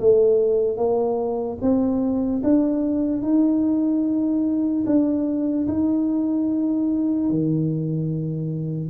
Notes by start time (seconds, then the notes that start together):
0.00 A3
0.77 A#3
1.61 C4
2.44 D4
3.22 D#4
4.86 D4
5.68 D#4
7.30 D#3